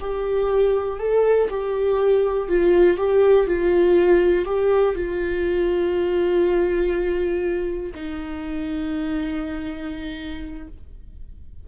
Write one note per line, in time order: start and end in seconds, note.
0.00 0.99 G4
0.99 1.49 A4
1.50 2.48 G4
2.48 2.97 F4
2.97 3.47 G4
3.47 4.45 F4
4.45 4.95 G4
4.95 7.92 F4
7.94 10.67 D#4